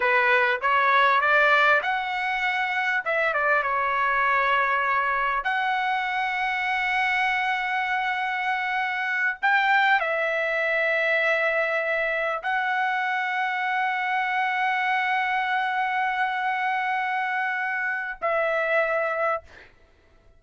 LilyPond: \new Staff \with { instrumentName = "trumpet" } { \time 4/4 \tempo 4 = 99 b'4 cis''4 d''4 fis''4~ | fis''4 e''8 d''8 cis''2~ | cis''4 fis''2.~ | fis''2.~ fis''8 g''8~ |
g''8 e''2.~ e''8~ | e''8 fis''2.~ fis''8~ | fis''1~ | fis''2 e''2 | }